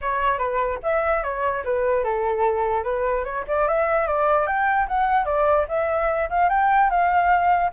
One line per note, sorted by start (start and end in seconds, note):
0.01 0.38 C#5
0.38 0.79 B4
0.82 1.23 E5
1.23 1.63 C#5
1.64 2.04 B4
2.04 2.83 A4
2.83 3.24 B4
3.24 3.44 C#5
3.47 3.67 D5
3.68 4.07 E5
4.07 4.46 D5
4.46 4.87 G5
4.88 5.25 F#5
5.25 5.66 D5
5.68 6.29 E5
6.29 6.49 F5
6.49 6.89 G5
6.90 7.71 F5